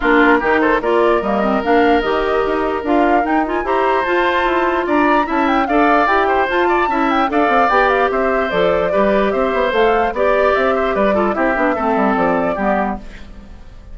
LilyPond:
<<
  \new Staff \with { instrumentName = "flute" } { \time 4/4 \tempo 4 = 148 ais'4. c''8 d''4 dis''4 | f''4 dis''2 f''4 | g''8 gis''8 ais''4 a''2 | ais''4 a''8 g''8 f''4 g''4 |
a''4. g''8 f''4 g''8 f''8 | e''4 d''2 e''4 | f''4 d''4 e''4 d''4 | e''2 d''2 | }
  \new Staff \with { instrumentName = "oboe" } { \time 4/4 f'4 g'8 a'8 ais'2~ | ais'1~ | ais'4 c''2. | d''4 e''4 d''4. c''8~ |
c''8 d''8 e''4 d''2 | c''2 b'4 c''4~ | c''4 d''4. c''8 b'8 a'8 | g'4 a'2 g'4 | }
  \new Staff \with { instrumentName = "clarinet" } { \time 4/4 d'4 dis'4 f'4 ais8 c'8 | d'4 g'2 f'4 | dis'8 f'8 g'4 f'2~ | f'4 e'4 a'4 g'4 |
f'4 e'4 a'4 g'4~ | g'4 a'4 g'2 | a'4 g'2~ g'8 f'8 | e'8 d'8 c'2 b4 | }
  \new Staff \with { instrumentName = "bassoon" } { \time 4/4 ais4 dis4 ais4 g4 | ais4 dis4 dis'4 d'4 | dis'4 e'4 f'4 e'4 | d'4 cis'4 d'4 e'4 |
f'4 cis'4 d'8 c'8 b4 | c'4 f4 g4 c'8 b8 | a4 b4 c'4 g4 | c'8 b8 a8 g8 f4 g4 | }
>>